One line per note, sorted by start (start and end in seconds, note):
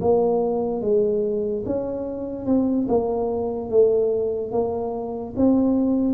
0.00 0.81 A#3
0.81 1.63 G#3
1.65 2.45 C#4
2.45 2.87 C4
2.88 3.69 A#3
3.69 4.51 A3
4.51 5.33 A#3
5.36 6.14 C4